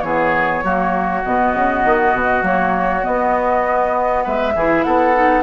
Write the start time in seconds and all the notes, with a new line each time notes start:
0.00 E3 B3 G#4 C#5
0.63 F#3 A#3 F#4
1.24 B2 B3 D#5
1.53 C#3
1.84 D#3
2.13 B2
2.41 F#3 A#3 C#5
3.02 B3 D#5
4.23 G#3 B4 E5
4.54 E3 E4 G#4
4.83 B3 A4 F#5
5.14 D#4